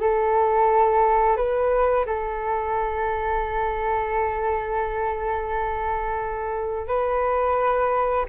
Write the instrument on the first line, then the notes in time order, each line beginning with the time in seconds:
flute
0.00 A4
1.36 B4
2.05 A4
6.87 B4